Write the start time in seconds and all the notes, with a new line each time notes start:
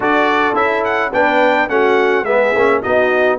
0.00 D4 F#4 A4 D5
0.54 C#4 E4 E5
0.84 F#5
1.12 B3 D4 B4 G5
1.68 A3 C#4 F#4 F#5
2.23 G#3 B3 G#4 E5
2.54 A#3 C#4
2.82 B3 D#4 F#4 D#5